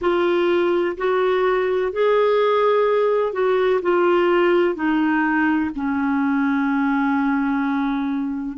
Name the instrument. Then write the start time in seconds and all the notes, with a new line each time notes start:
clarinet
0.01 F4
0.97 F#4
1.92 G#4
3.32 F#4
3.81 F4
4.74 D#4
5.75 C#4